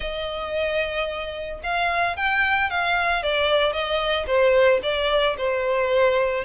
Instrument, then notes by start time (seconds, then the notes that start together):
violin
0.00 D#5
1.63 F5
2.16 G5
2.69 F5
3.22 D5
3.72 D#5
4.26 C5
4.83 D5
5.37 C5